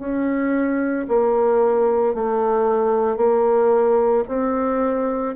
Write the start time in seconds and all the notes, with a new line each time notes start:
0.00 C#4
1.08 A#3
2.15 A3
3.18 A#3
4.29 C4